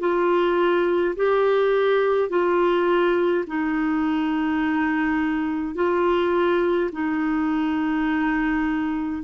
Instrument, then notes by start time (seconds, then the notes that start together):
clarinet
0.00 F4
1.16 G4
2.30 F4
3.47 D#4
5.75 F4
6.93 D#4